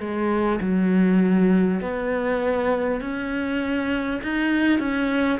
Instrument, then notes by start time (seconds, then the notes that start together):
cello
0.00 G#3
0.61 F#3
1.81 B3
3.01 C#4
4.23 D#4
4.79 C#4